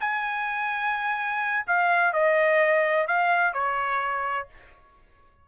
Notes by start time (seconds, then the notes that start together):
0.00 G#5
1.67 F5
2.13 D#5
3.07 F5
3.53 C#5